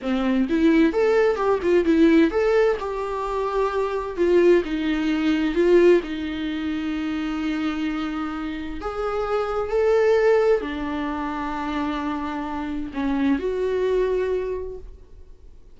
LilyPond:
\new Staff \with { instrumentName = "viola" } { \time 4/4 \tempo 4 = 130 c'4 e'4 a'4 g'8 f'8 | e'4 a'4 g'2~ | g'4 f'4 dis'2 | f'4 dis'2.~ |
dis'2. gis'4~ | gis'4 a'2 d'4~ | d'1 | cis'4 fis'2. | }